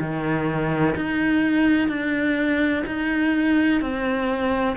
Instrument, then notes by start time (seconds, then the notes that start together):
cello
0.00 D#3
0.95 D#4
1.88 D4
2.87 D#4
3.81 C4